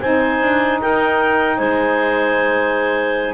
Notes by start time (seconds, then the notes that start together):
0.00 C4 D#4 C5 G#5
0.41 D4
0.81 D#4 A#4 G5
1.57 G#3 C5 G#5